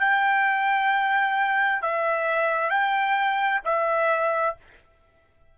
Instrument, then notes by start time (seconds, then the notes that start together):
trumpet
0.00 G5
1.82 E5
2.70 G5
3.65 E5